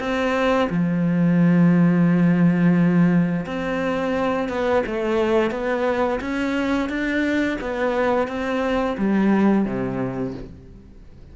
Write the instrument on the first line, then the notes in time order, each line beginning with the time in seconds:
cello
0.00 C4
0.70 F3
3.46 C4
4.49 B3
4.87 A3
5.51 B3
6.21 C#4
6.89 D4
7.61 B3
8.28 C4
8.98 G3
9.66 C3